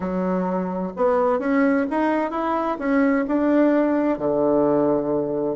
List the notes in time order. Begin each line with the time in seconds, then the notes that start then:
0.00 F#3
0.96 B3
1.39 C#4
1.90 D#4
2.30 E4
2.78 C#4
3.27 D4
4.18 D3